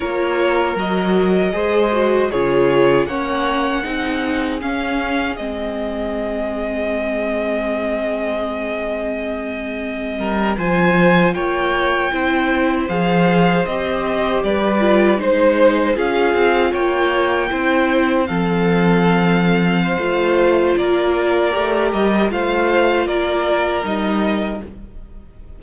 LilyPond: <<
  \new Staff \with { instrumentName = "violin" } { \time 4/4 \tempo 4 = 78 cis''4 dis''2 cis''4 | fis''2 f''4 dis''4~ | dis''1~ | dis''4.~ dis''16 gis''4 g''4~ g''16~ |
g''8. f''4 dis''4 d''4 c''16~ | c''8. f''4 g''2 f''16~ | f''2. d''4~ | d''8 dis''8 f''4 d''4 dis''4 | }
  \new Staff \with { instrumentName = "violin" } { \time 4/4 ais'2 c''4 gis'4 | cis''4 gis'2.~ | gis'1~ | gis'4~ gis'16 ais'8 c''4 cis''4 c''16~ |
c''2~ c''8. b'4 c''16~ | c''8. gis'4 cis''4 c''4 a'16~ | a'4.~ a'16 c''4~ c''16 ais'4~ | ais'4 c''4 ais'2 | }
  \new Staff \with { instrumentName = "viola" } { \time 4/4 f'4 fis'4 gis'8 fis'8 f'4 | cis'4 dis'4 cis'4 c'4~ | c'1~ | c'4.~ c'16 f'2 e'16~ |
e'8. gis'4 g'4. f'8 dis'16~ | dis'8. f'2 e'4 c'16~ | c'2 f'2 | g'4 f'2 dis'4 | }
  \new Staff \with { instrumentName = "cello" } { \time 4/4 ais4 fis4 gis4 cis4 | ais4 c'4 cis'4 gis4~ | gis1~ | gis4~ gis16 g8 f4 ais4 c'16~ |
c'8. f4 c'4 g4 gis16~ | gis8. cis'8 c'8 ais4 c'4 f16~ | f2 a4 ais4 | a8 g8 a4 ais4 g4 | }
>>